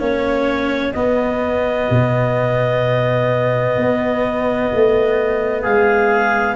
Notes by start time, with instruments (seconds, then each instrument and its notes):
0.00 tuba A#3, cello C#4, trumpet F#4, clarinet C#5
0.93 tuba B3, cello B3, clarinet D#5
1.90 tuba B2
3.77 tuba B3
4.74 tuba A3
5.62 tuba G#3, trumpet G#4, clarinet F5